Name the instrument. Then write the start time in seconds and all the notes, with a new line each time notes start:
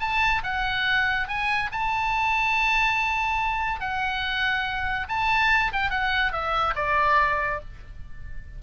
oboe
0.00 A5
0.43 F#5
1.28 G#5
1.72 A5
3.80 F#5
5.09 A5
5.73 G5
5.90 F#5
6.32 E5
6.76 D5